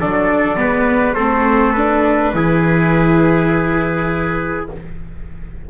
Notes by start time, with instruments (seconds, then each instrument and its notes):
0.00 double bass F#3, viola D4, trumpet A4 D5
0.57 double bass G#3, viola B3, trumpet B4
1.14 double bass A3, viola C4, trumpet A4 C5
1.73 viola D4, trumpet B4
2.34 double bass E3, viola E4, trumpet G#4